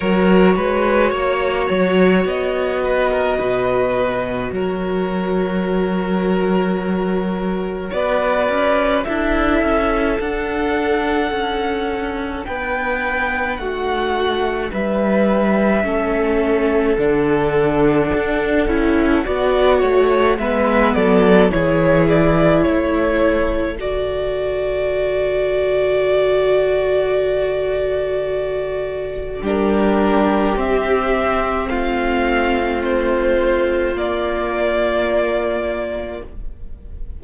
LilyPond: <<
  \new Staff \with { instrumentName = "violin" } { \time 4/4 \tempo 4 = 53 cis''2 dis''2 | cis''2. d''4 | e''4 fis''2 g''4 | fis''4 e''2 fis''4~ |
fis''2 e''8 d''8 cis''8 d''8 | cis''4 d''2.~ | d''2 ais'4 e''4 | f''4 c''4 d''2 | }
  \new Staff \with { instrumentName = "violin" } { \time 4/4 ais'8 b'8 cis''4. b'16 ais'16 b'4 | ais'2. b'4 | a'2. b'4 | fis'4 b'4 a'2~ |
a'4 d''8 cis''8 b'8 a'8 gis'4 | a'1~ | a'2 g'2 | f'1 | }
  \new Staff \with { instrumentName = "viola" } { \time 4/4 fis'1~ | fis'1 | e'4 d'2.~ | d'2 cis'4 d'4~ |
d'8 e'8 fis'4 b4 e'4~ | e'4 fis'2.~ | fis'2 d'4 c'4~ | c'2 ais2 | }
  \new Staff \with { instrumentName = "cello" } { \time 4/4 fis8 gis8 ais8 fis8 b4 b,4 | fis2. b8 cis'8 | d'8 cis'8 d'4 cis'4 b4 | a4 g4 a4 d4 |
d'8 cis'8 b8 a8 gis8 fis8 e4 | a4 d2.~ | d2 g4 c'4 | a2 ais2 | }
>>